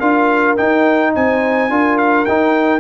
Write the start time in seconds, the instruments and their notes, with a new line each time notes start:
0.00 tuba D4, trombone F4, horn A#4, trumpet F5
0.57 trombone D#4, tuba D#4, trumpet G5
1.15 tuba C4, horn C5, trumpet G#5
1.70 tuba D4, trombone F4, horn A#4
1.98 trumpet F5
2.25 tuba D#4, trombone D#4, trumpet G5